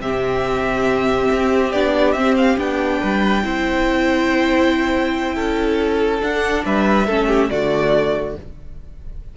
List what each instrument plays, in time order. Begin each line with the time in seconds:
0.00 cello C3, viola C4, violin G4 E5
1.32 cello C4
1.72 cello B3, viola D4, violin D5
2.13 cello C4, viola C4, violin E5
2.37 violin F5
2.58 cello B3, viola D4, violin G5
3.00 cello G3, violin B4
3.44 cello C4, viola E4, violin C5
5.35 cello C#4, violin A4
6.20 viola D4, cello D4, violin F#5
6.66 cello G3, violin B4 E5
7.07 cello A3, viola C#4, violin A4
7.28 violin G4
7.50 cello D3, viola A3, violin F#4 D5